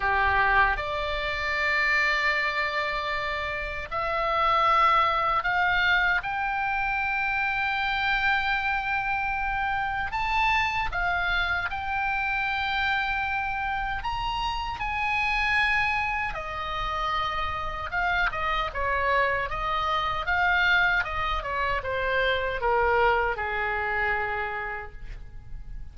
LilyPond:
\new Staff \with { instrumentName = "oboe" } { \time 4/4 \tempo 4 = 77 g'4 d''2.~ | d''4 e''2 f''4 | g''1~ | g''4 a''4 f''4 g''4~ |
g''2 ais''4 gis''4~ | gis''4 dis''2 f''8 dis''8 | cis''4 dis''4 f''4 dis''8 cis''8 | c''4 ais'4 gis'2 | }